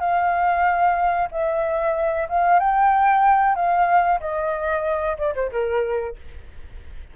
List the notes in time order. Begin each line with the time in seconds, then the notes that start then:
0.00 F5
1.32 E5
2.29 F5
2.60 G5
3.56 F5
4.21 D#5
5.18 D5
5.35 C5
5.52 A#4